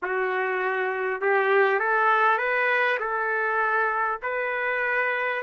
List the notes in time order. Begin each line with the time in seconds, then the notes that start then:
0.02 F#4
1.21 G4
1.79 A4
2.38 B4
2.99 A4
4.22 B4